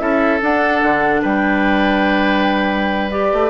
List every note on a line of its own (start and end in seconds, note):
0.00 0.41 C#4
0.00 0.40 E4
0.00 1.21 A4
0.00 0.40 E5
0.43 0.83 D4
0.43 3.11 D4
0.43 1.23 F#5
0.84 1.24 D3
1.22 3.33 G3
1.22 3.51 B4
1.22 3.11 G5
3.11 3.51 G4
3.11 3.51 D5
3.33 3.51 A3